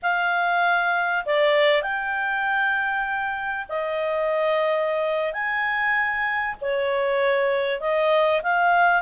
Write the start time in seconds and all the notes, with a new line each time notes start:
0.02 F5
1.25 D5
1.82 G5
3.68 D#5
5.33 G#5
6.61 C#5
7.80 D#5
8.42 F5